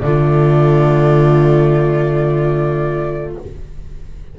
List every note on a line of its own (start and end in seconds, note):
0.00 3.36 D3
0.00 3.37 A3
0.00 3.39 F4
0.00 3.33 D5